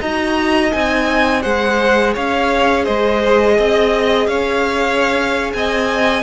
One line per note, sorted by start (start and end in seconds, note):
0.00 0.73 D#4
0.00 0.72 F#4
0.00 1.42 D#5
0.00 0.72 A#5
0.72 1.44 C4
0.72 1.41 D#4
0.72 1.42 G#5
1.41 2.16 G#3
1.41 6.22 G#4
1.41 2.14 C5
1.41 2.13 F#5
2.14 2.88 C#4
2.14 2.84 C#5
2.14 2.85 F5
2.84 3.58 G#3
2.84 3.55 C5
2.84 4.27 D#5
3.58 4.27 C4
3.58 4.29 D#5
4.27 5.52 C#4
4.27 5.54 C#5
4.27 5.52 F5
5.53 6.22 C4
5.53 6.22 D#5
5.53 6.22 G#5